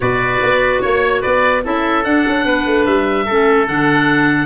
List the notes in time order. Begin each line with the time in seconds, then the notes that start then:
0.00 B2 F#4 B4 D5
0.42 B3
0.81 A#3 C#5
1.21 B3 B4 D5
1.63 C#4 E4 A4 E5
2.03 D4 F#5
2.27 C#4
2.44 B3 B4
2.65 A3
2.85 G3 E5
3.25 A3 C#4 A4
3.66 D3 D4 F#5